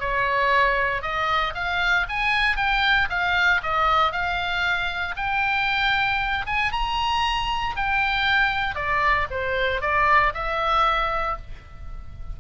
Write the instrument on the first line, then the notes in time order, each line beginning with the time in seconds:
oboe
0.00 C#5
1.02 D#5
1.55 F5
2.09 G#5
2.57 G5
3.10 F5
3.63 D#5
4.12 F5
5.17 G5
6.47 G#5
6.72 A#5
7.76 G5
8.75 D5
9.31 C5
9.81 D5
10.34 E5